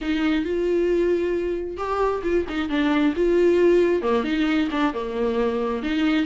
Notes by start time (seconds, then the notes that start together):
0.01 D#4
0.44 F4
1.77 G4
2.23 F4
2.49 D#4
2.69 D4
3.16 F4
4.02 A#3
4.24 D#4
4.71 D4
4.93 A#3
5.82 D#4